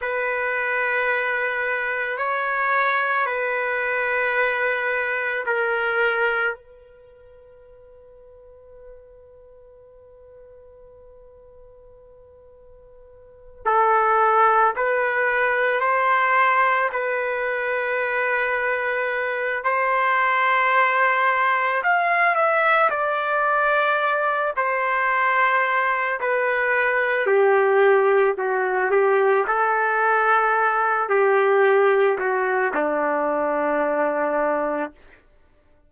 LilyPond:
\new Staff \with { instrumentName = "trumpet" } { \time 4/4 \tempo 4 = 55 b'2 cis''4 b'4~ | b'4 ais'4 b'2~ | b'1~ | b'8 a'4 b'4 c''4 b'8~ |
b'2 c''2 | f''8 e''8 d''4. c''4. | b'4 g'4 fis'8 g'8 a'4~ | a'8 g'4 fis'8 d'2 | }